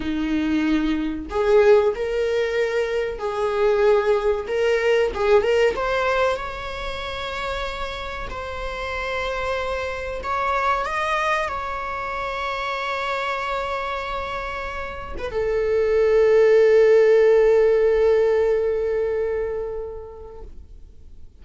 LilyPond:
\new Staff \with { instrumentName = "viola" } { \time 4/4 \tempo 4 = 94 dis'2 gis'4 ais'4~ | ais'4 gis'2 ais'4 | gis'8 ais'8 c''4 cis''2~ | cis''4 c''2. |
cis''4 dis''4 cis''2~ | cis''2.~ cis''8. b'16 | a'1~ | a'1 | }